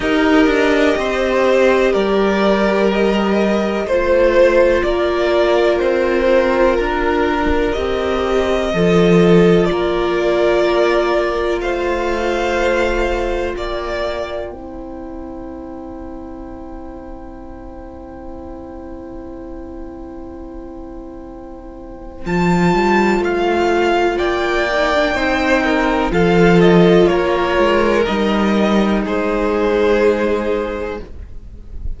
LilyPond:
<<
  \new Staff \with { instrumentName = "violin" } { \time 4/4 \tempo 4 = 62 dis''2 d''4 dis''4 | c''4 d''4 c''4 ais'4 | dis''2 d''2 | f''2 g''2~ |
g''1~ | g''2. a''4 | f''4 g''2 f''8 dis''8 | cis''4 dis''4 c''2 | }
  \new Staff \with { instrumentName = "violin" } { \time 4/4 ais'4 c''4 ais'2 | c''4 ais'2.~ | ais'4 a'4 ais'2 | c''2 d''4 c''4~ |
c''1~ | c''1~ | c''4 d''4 c''8 ais'8 a'4 | ais'2 gis'2 | }
  \new Staff \with { instrumentName = "viola" } { \time 4/4 g'1 | f'1 | g'4 f'2.~ | f'2. e'4~ |
e'1~ | e'2. f'4~ | f'4. dis'16 d'16 dis'4 f'4~ | f'4 dis'2. | }
  \new Staff \with { instrumentName = "cello" } { \time 4/4 dis'8 d'8 c'4 g2 | a4 ais4 c'4 d'4 | c'4 f4 ais2 | a2 ais4 c'4~ |
c'1~ | c'2. f8 g8 | a4 ais4 c'4 f4 | ais8 gis8 g4 gis2 | }
>>